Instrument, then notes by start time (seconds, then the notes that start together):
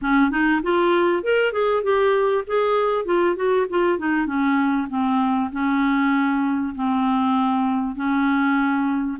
clarinet
0.01 C#4
0.30 D#4
0.63 F4
1.23 A#4
1.52 G#4
1.83 G4
2.46 G#4
3.05 F4
3.36 F#4
3.69 F4
3.98 D#4
4.26 C#4
4.89 C4
5.51 C#4
6.75 C4
7.95 C#4